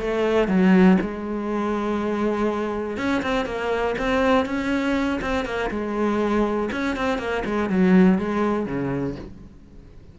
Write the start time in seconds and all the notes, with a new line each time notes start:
0.00 A3
0.48 F#3
1.01 G#3
2.97 C#4
3.22 C4
3.46 A#3
3.98 C4
4.45 C#4
5.21 C4
5.45 A#3
5.70 G#3
6.72 C#4
6.96 C4
7.18 A#3
7.45 G#3
7.69 F#3
8.18 G#3
8.66 C#3